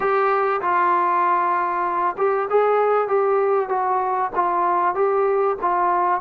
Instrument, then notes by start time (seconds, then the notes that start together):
trombone
0.00 G4
0.61 F4
2.17 G4
2.50 G#4
3.08 G4
3.69 F#4
4.35 F4
4.94 G4
5.61 F4